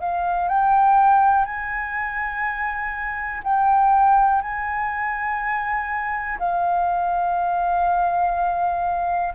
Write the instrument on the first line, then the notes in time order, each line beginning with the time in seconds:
flute
0.00 F5
0.48 G5
1.45 G#5
3.43 G5
4.42 G#5
6.39 F5